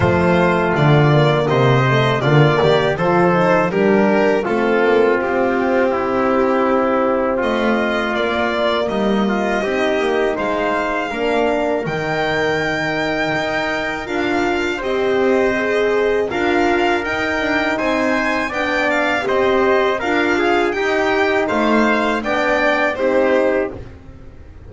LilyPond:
<<
  \new Staff \with { instrumentName = "violin" } { \time 4/4 \tempo 4 = 81 c''4 d''4 dis''4 d''4 | c''4 ais'4 a'4 g'4~ | g'2 dis''4 d''4 | dis''2 f''2 |
g''2. f''4 | dis''2 f''4 g''4 | gis''4 g''8 f''8 dis''4 f''4 | g''4 f''4 g''4 c''4 | }
  \new Staff \with { instrumentName = "trumpet" } { \time 4/4 f'2 c''4 f'8 g'8 | a'4 g'4 f'2 | e'2 f'2 | dis'8 f'8 g'4 c''4 ais'4~ |
ais'1 | c''2 ais'2 | c''4 d''4 c''4 ais'8 gis'8 | g'4 c''4 d''4 g'4 | }
  \new Staff \with { instrumentName = "horn" } { \time 4/4 a4. ais4 a8 ais4 | f'8 dis'8 d'4 c'2~ | c'2. ais4~ | ais4 dis'2 d'4 |
dis'2. f'4 | g'4 gis'4 f'4 dis'4~ | dis'4 d'4 g'4 f'4 | dis'2 d'4 dis'4 | }
  \new Staff \with { instrumentName = "double bass" } { \time 4/4 f4 d4 c4 d8 dis8 | f4 g4 a8 ais8 c'4~ | c'2 a4 ais4 | g4 c'8 ais8 gis4 ais4 |
dis2 dis'4 d'4 | c'2 d'4 dis'8 d'8 | c'4 b4 c'4 d'4 | dis'4 a4 b4 c'4 | }
>>